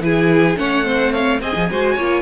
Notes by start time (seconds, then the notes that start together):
0.00 E3 E4 G#4 G#5
0.56 A3 C#4 C#5 F#5
0.84 C4 C5
1.12 C#5 F5
1.41 C4 G#4 D#5 G#5
1.56 F3
1.71 G#3 F#4 C5
1.95 A#3 F4 C#5